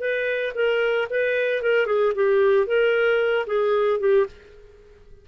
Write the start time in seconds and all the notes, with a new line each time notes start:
0.00 B4
0.55 A#4
1.10 B4
1.62 A#4
1.86 G#4
2.15 G4
2.66 A#4
3.47 G#4
4.00 G4